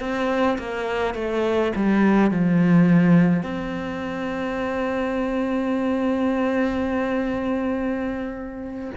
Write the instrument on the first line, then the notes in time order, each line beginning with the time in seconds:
cello
0.00 C4
0.58 A#3
1.14 A3
1.76 G3
2.31 F3
3.42 C4